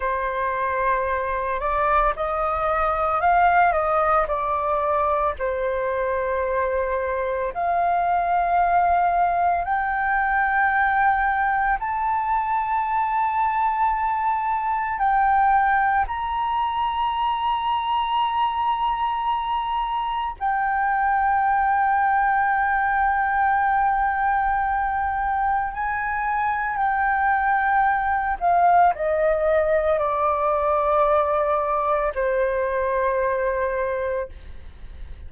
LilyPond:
\new Staff \with { instrumentName = "flute" } { \time 4/4 \tempo 4 = 56 c''4. d''8 dis''4 f''8 dis''8 | d''4 c''2 f''4~ | f''4 g''2 a''4~ | a''2 g''4 ais''4~ |
ais''2. g''4~ | g''1 | gis''4 g''4. f''8 dis''4 | d''2 c''2 | }